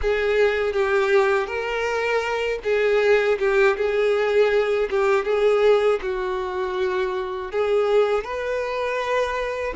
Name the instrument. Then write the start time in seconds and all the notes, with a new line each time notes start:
violin
0.01 G#4
0.72 G4
1.46 A#4
2.63 G#4
3.39 G4
3.76 G#4
4.90 G4
5.24 G#4
6.02 F#4
7.51 G#4
8.24 B4